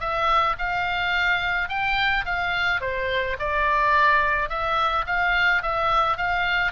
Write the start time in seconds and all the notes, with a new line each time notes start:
0.00 E5
0.59 F5
1.69 G5
2.25 F5
2.81 C5
3.39 D5
4.49 E5
5.06 F5
5.63 E5
6.17 F5